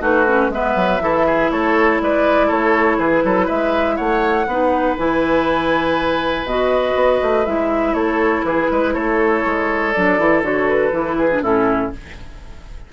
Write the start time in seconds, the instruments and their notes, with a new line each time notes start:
0.00 bassoon A3, clarinet D#4, oboe F#4, flute B4
0.26 clarinet C#4
0.49 bassoon G#3, clarinet B3, oboe B4, flute E5
0.75 bassoon F#3
1.00 bassoon E3, clarinet E4, oboe A4
1.26 oboe G#4
1.51 bassoon A3, oboe A4, flute C#5
2.01 bassoon G#3, oboe B4, flute D5
2.46 bassoon A3, oboe A4, flute C#5
2.98 bassoon E3, oboe G#4, flute B4
3.24 bassoon F#3, oboe A4
3.46 bassoon G#3, oboe B4, flute E5
3.96 bassoon A3, oboe C#5, flute F#5
4.46 bassoon B3, clarinet D#4, oboe B4
4.98 bassoon E3, clarinet E4, flute G#5
6.44 bassoon B2, clarinet F#4, flute D#5
6.95 bassoon B3
7.22 bassoon A3
7.45 bassoon G#3, clarinet E4, flute E5
7.93 bassoon A3, oboe A4, flute C#5
8.43 bassoon E3, oboe G#4, flute B4
8.71 bassoon G#3, oboe B4
8.93 bassoon A3, oboe A4, flute C#5
9.45 bassoon G#3
9.92 bassoon F#3, clarinet D4, flute D5
10.18 bassoon E3, clarinet E4
10.42 bassoon D3, clarinet F#4, flute C#5
10.69 flute B4
10.92 bassoon E3, clarinet E4
11.17 oboe G#4
11.31 clarinet D4
11.41 bassoon A2, clarinet C#4, oboe E4, flute A4